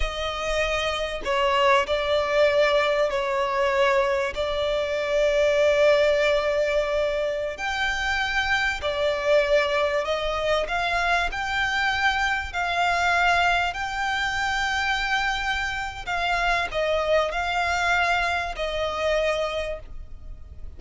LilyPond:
\new Staff \with { instrumentName = "violin" } { \time 4/4 \tempo 4 = 97 dis''2 cis''4 d''4~ | d''4 cis''2 d''4~ | d''1~ | d''16 g''2 d''4.~ d''16~ |
d''16 dis''4 f''4 g''4.~ g''16~ | g''16 f''2 g''4.~ g''16~ | g''2 f''4 dis''4 | f''2 dis''2 | }